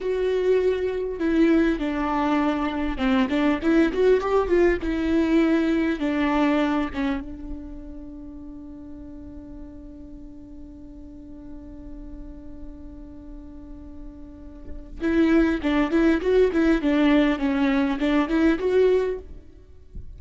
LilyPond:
\new Staff \with { instrumentName = "viola" } { \time 4/4 \tempo 4 = 100 fis'2 e'4 d'4~ | d'4 c'8 d'8 e'8 fis'8 g'8 f'8 | e'2 d'4. cis'8 | d'1~ |
d'1~ | d'1~ | d'4 e'4 d'8 e'8 fis'8 e'8 | d'4 cis'4 d'8 e'8 fis'4 | }